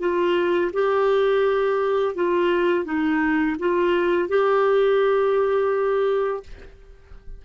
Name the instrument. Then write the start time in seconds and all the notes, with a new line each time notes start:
clarinet
0.00 F4
0.73 G4
2.15 F4
2.85 D#4
3.59 F4
4.29 G4